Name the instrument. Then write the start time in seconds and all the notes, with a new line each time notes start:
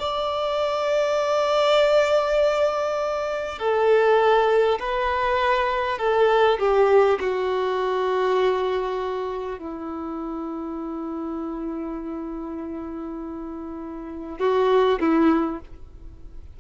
violin
0.00 D5
3.59 A4
4.80 B4
5.99 A4
6.59 G4
7.21 F#4
9.59 E4
14.40 F#4
15.01 E4